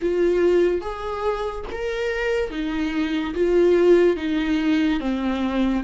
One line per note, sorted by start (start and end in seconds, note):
0.02 0.81 F4
0.81 1.64 G#4
1.71 2.50 A#4
2.50 3.33 D#4
3.34 4.16 F4
4.16 5.00 D#4
5.00 5.83 C4